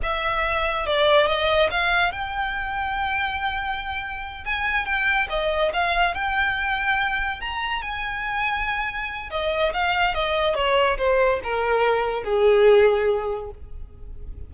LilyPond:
\new Staff \with { instrumentName = "violin" } { \time 4/4 \tempo 4 = 142 e''2 d''4 dis''4 | f''4 g''2.~ | g''2~ g''8 gis''4 g''8~ | g''8 dis''4 f''4 g''4.~ |
g''4. ais''4 gis''4.~ | gis''2 dis''4 f''4 | dis''4 cis''4 c''4 ais'4~ | ais'4 gis'2. | }